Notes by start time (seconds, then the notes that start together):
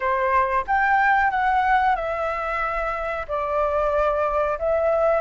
0.00 C5
0.67 G5
1.30 F#5
1.95 E5
3.28 D5
4.59 E5